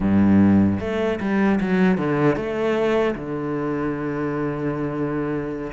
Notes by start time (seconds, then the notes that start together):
0.00 G2
0.80 A3
1.20 G3
1.60 F#3
1.97 D3
2.35 A3
3.15 D3